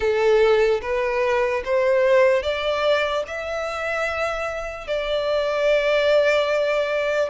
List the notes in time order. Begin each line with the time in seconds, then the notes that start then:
0.00 A4
0.81 B4
1.64 C5
2.42 D5
3.27 E5
4.87 D5